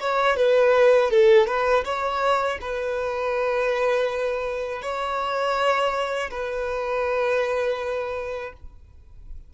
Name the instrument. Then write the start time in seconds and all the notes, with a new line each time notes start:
violin
0.00 C#5
0.36 B4
1.10 A4
1.47 B4
1.84 C#5
2.61 B4
4.82 C#5
6.30 B4